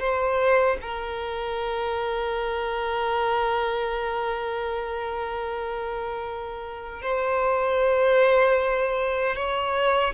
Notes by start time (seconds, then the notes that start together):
0.00 C5
0.82 A#4
7.02 C5
9.36 C#5